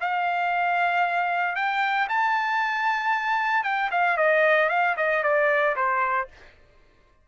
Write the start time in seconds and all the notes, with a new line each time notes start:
0.00 F5
1.55 G5
2.08 A5
3.63 G5
3.91 F5
4.17 D#5
4.69 F5
4.97 D#5
5.23 D5
5.76 C5